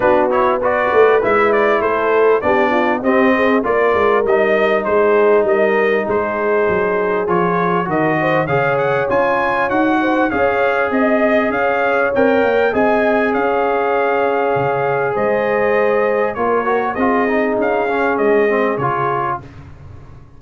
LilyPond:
<<
  \new Staff \with { instrumentName = "trumpet" } { \time 4/4 \tempo 4 = 99 b'8 cis''8 d''4 e''8 d''8 c''4 | d''4 dis''4 d''4 dis''4 | c''4 dis''4 c''2 | cis''4 dis''4 f''8 fis''8 gis''4 |
fis''4 f''4 dis''4 f''4 | g''4 gis''4 f''2~ | f''4 dis''2 cis''4 | dis''4 f''4 dis''4 cis''4 | }
  \new Staff \with { instrumentName = "horn" } { \time 4/4 fis'4 b'2 a'4 | g'8 f'8 g'8 gis'8 ais'2 | gis'4 ais'4 gis'2~ | gis'4 ais'8 c''8 cis''2~ |
cis''8 c''8 cis''4 dis''4 cis''4~ | cis''4 dis''4 cis''2~ | cis''4 c''2 ais'4 | gis'1 | }
  \new Staff \with { instrumentName = "trombone" } { \time 4/4 d'8 e'8 fis'4 e'2 | d'4 c'4 f'4 dis'4~ | dis'1 | f'4 fis'4 gis'4 f'4 |
fis'4 gis'2. | ais'4 gis'2.~ | gis'2. f'8 fis'8 | f'8 dis'4 cis'4 c'8 f'4 | }
  \new Staff \with { instrumentName = "tuba" } { \time 4/4 b4. a8 gis4 a4 | b4 c'4 ais8 gis8 g4 | gis4 g4 gis4 fis4 | f4 dis4 cis4 cis'4 |
dis'4 cis'4 c'4 cis'4 | c'8 ais8 c'4 cis'2 | cis4 gis2 ais4 | c'4 cis'4 gis4 cis4 | }
>>